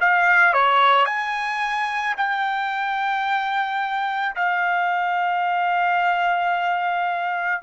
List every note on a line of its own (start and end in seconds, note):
0.00 0.53 F5
0.53 1.05 C#5
1.05 2.14 G#5
2.17 4.35 G5
4.35 7.62 F5